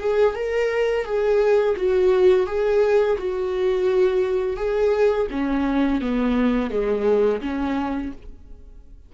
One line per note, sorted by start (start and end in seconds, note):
0.00 0.35 G#4
0.35 1.05 A#4
1.05 1.76 G#4
1.76 2.47 F#4
2.47 3.17 G#4
3.18 4.57 F#4
4.57 5.27 G#4
5.31 6.01 C#4
6.01 6.71 B3
6.71 7.41 G#3
7.41 8.12 C#4